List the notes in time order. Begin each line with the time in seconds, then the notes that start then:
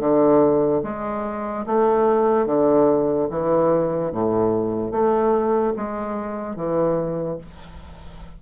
0.00 D3
0.83 G#3
1.67 A3
2.47 D3
3.30 E3
4.12 A2
4.91 A3
5.76 G#3
6.56 E3